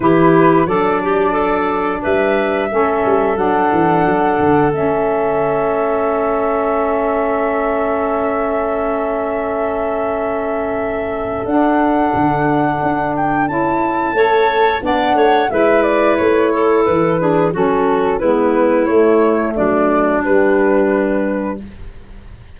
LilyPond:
<<
  \new Staff \with { instrumentName = "flute" } { \time 4/4 \tempo 4 = 89 b'4 d''2 e''4~ | e''4 fis''2 e''4~ | e''1~ | e''1~ |
e''4 fis''2~ fis''8 g''8 | a''2 fis''4 e''8 d''8 | cis''4 b'4 a'4 b'4 | cis''4 d''4 b'2 | }
  \new Staff \with { instrumentName = "clarinet" } { \time 4/4 g'4 a'8 g'8 a'4 b'4 | a'1~ | a'1~ | a'1~ |
a'1~ | a'4 cis''4 d''8 cis''8 b'4~ | b'8 a'4 gis'8 fis'4 e'4~ | e'4 d'2. | }
  \new Staff \with { instrumentName = "saxophone" } { \time 4/4 e'4 d'2. | cis'4 d'2 cis'4~ | cis'1~ | cis'1~ |
cis'4 d'2. | e'4 a'4 d'4 e'4~ | e'4. d'8 cis'4 b4 | a2 g2 | }
  \new Staff \with { instrumentName = "tuba" } { \time 4/4 e4 fis2 g4 | a8 g8 fis8 e8 fis8 d8 a4~ | a1~ | a1~ |
a4 d'4 d4 d'4 | cis'4 a4 b8 a8 gis4 | a4 e4 fis4 gis4 | a4 fis4 g2 | }
>>